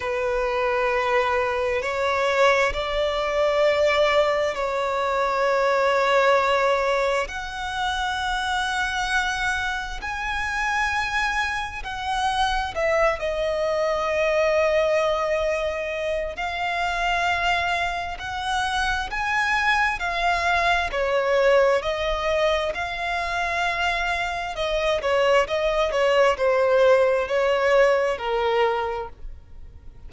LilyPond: \new Staff \with { instrumentName = "violin" } { \time 4/4 \tempo 4 = 66 b'2 cis''4 d''4~ | d''4 cis''2. | fis''2. gis''4~ | gis''4 fis''4 e''8 dis''4.~ |
dis''2 f''2 | fis''4 gis''4 f''4 cis''4 | dis''4 f''2 dis''8 cis''8 | dis''8 cis''8 c''4 cis''4 ais'4 | }